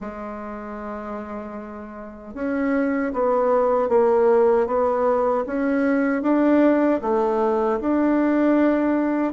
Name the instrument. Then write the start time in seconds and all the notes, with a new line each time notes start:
bassoon
0.00 G#3
2.34 C#4
3.13 B3
3.89 A#3
4.66 B3
5.46 C#4
6.22 D4
7.01 A3
7.80 D4